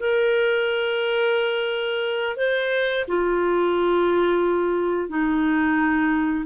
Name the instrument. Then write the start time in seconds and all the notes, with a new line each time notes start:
clarinet
0.00 A#4
2.37 C5
3.08 F4
5.09 D#4